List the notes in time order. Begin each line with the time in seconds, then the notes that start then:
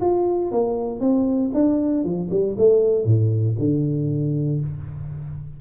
0.00 F4
0.51 A#3
1.00 C4
1.53 D4
2.04 F3
2.30 G3
2.57 A3
3.05 A2
3.58 D3